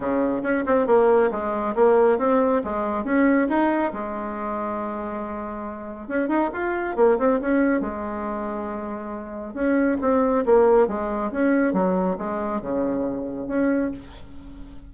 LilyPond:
\new Staff \with { instrumentName = "bassoon" } { \time 4/4 \tempo 4 = 138 cis4 cis'8 c'8 ais4 gis4 | ais4 c'4 gis4 cis'4 | dis'4 gis2.~ | gis2 cis'8 dis'8 f'4 |
ais8 c'8 cis'4 gis2~ | gis2 cis'4 c'4 | ais4 gis4 cis'4 fis4 | gis4 cis2 cis'4 | }